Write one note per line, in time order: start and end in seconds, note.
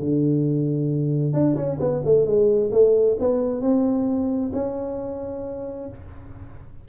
0.00 1.34 D3
1.34 1.56 D4
1.56 1.79 C#4
1.80 2.03 B3
2.05 2.26 A3
2.26 2.71 G#3
2.72 3.17 A3
3.20 3.62 B3
3.62 4.52 C4
4.53 5.89 C#4